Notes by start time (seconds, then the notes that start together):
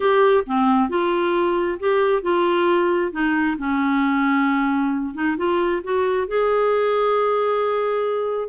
0.00 G4
0.46 C4
0.89 F4
1.79 G4
2.22 F4
3.12 D#4
3.58 C#4
5.14 D#4
5.37 F4
5.83 F#4
6.27 G#4